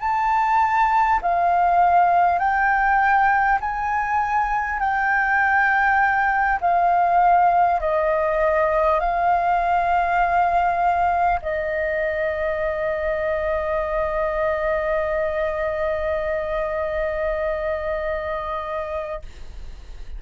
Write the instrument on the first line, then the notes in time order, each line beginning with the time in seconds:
flute
0.00 A5
1.22 F5
2.39 G5
3.61 G#5
4.79 G5
6.61 F5
7.81 D#5
9.01 F5
11.42 D#5